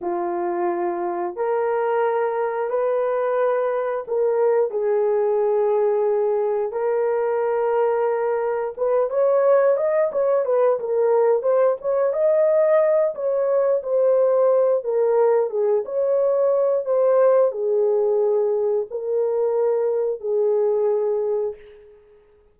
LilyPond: \new Staff \with { instrumentName = "horn" } { \time 4/4 \tempo 4 = 89 f'2 ais'2 | b'2 ais'4 gis'4~ | gis'2 ais'2~ | ais'4 b'8 cis''4 dis''8 cis''8 b'8 |
ais'4 c''8 cis''8 dis''4. cis''8~ | cis''8 c''4. ais'4 gis'8 cis''8~ | cis''4 c''4 gis'2 | ais'2 gis'2 | }